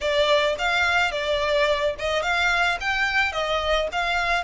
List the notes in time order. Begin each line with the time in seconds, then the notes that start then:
0.00 D5
0.58 F5
1.11 D5
1.98 D#5
2.22 F5
2.80 G5
3.32 D#5
3.92 F5